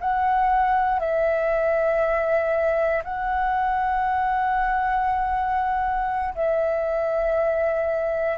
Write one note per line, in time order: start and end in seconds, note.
0.00 0.99 F#5
0.99 3.02 E5
3.04 6.34 F#5
6.35 8.37 E5